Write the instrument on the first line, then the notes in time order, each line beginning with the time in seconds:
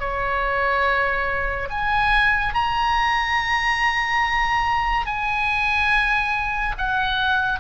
oboe
0.00 C#5
1.70 G#5
2.55 A#5
5.07 G#5
6.78 F#5